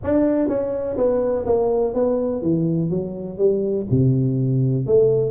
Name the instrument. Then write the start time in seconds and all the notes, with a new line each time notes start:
tuba
0.03 D4
0.48 C#4
0.97 B3
1.45 A#3
1.94 B3
2.42 E3
2.90 F#3
3.38 G3
3.90 C3
4.86 A3